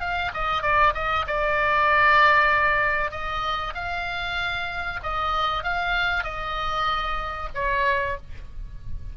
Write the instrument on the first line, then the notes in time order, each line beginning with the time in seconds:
oboe
0.00 F5
0.34 D#5
0.62 D5
0.94 D#5
1.27 D5
3.11 D#5
3.74 F5
5.03 D#5
5.63 F5
6.24 D#5
7.54 C#5